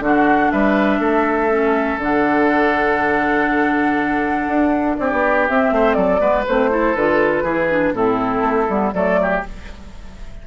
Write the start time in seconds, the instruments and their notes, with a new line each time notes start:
0.00 bassoon D3, clarinet D4, oboe F#4, flute F#5
0.51 bassoon G3, oboe B4, flute E5
0.99 bassoon A3, oboe A4
1.50 clarinet C#4
1.98 bassoon D3, clarinet D4, flute F#5
4.48 bassoon D4
4.97 bassoon C4, oboe G4, flute D5
5.12 bassoon B3
5.49 bassoon C4, clarinet C4, flute E5
5.71 bassoon A3, oboe C5
5.93 bassoon F#3, oboe A4, flute D5
6.19 bassoon G#3, clarinet B3, oboe B4
6.47 bassoon A3, clarinet C4, flute C5
6.70 clarinet E4, oboe A4
6.95 bassoon D3, clarinet F4, flute B4
7.43 bassoon E3, clarinet E4, oboe G#4
7.70 clarinet D4
7.92 bassoon A2, clarinet C4, oboe E4, flute A4
8.43 bassoon A3
8.69 bassoon G3, clarinet B3
8.93 bassoon F#3, clarinet A3, oboe A4, flute D5
9.22 oboe G4